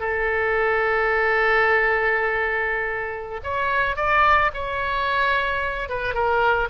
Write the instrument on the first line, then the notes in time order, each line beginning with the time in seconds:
oboe
0.00 A4
3.44 C#5
3.97 D5
4.54 C#5
5.90 B4
6.14 A#4